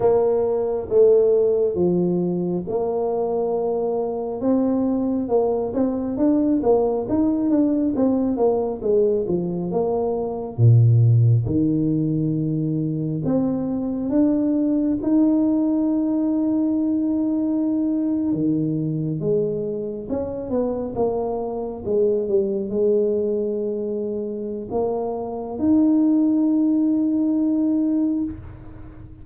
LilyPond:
\new Staff \with { instrumentName = "tuba" } { \time 4/4 \tempo 4 = 68 ais4 a4 f4 ais4~ | ais4 c'4 ais8 c'8 d'8 ais8 | dis'8 d'8 c'8 ais8 gis8 f8 ais4 | ais,4 dis2 c'4 |
d'4 dis'2.~ | dis'8. dis4 gis4 cis'8 b8 ais16~ | ais8. gis8 g8 gis2~ gis16 | ais4 dis'2. | }